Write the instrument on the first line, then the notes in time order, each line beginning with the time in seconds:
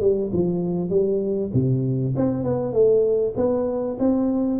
tuba
0.00 G3
0.33 F3
0.89 G3
1.53 C3
2.16 C4
2.43 B3
2.72 A3
3.36 B3
3.99 C4